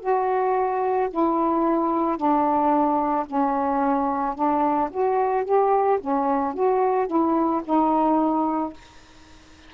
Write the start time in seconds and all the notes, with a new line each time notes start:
0.00 F#4
1.10 E4
2.17 D4
3.26 C#4
4.35 D4
4.90 F#4
5.44 G4
6.00 C#4
6.54 F#4
7.07 E4
7.64 D#4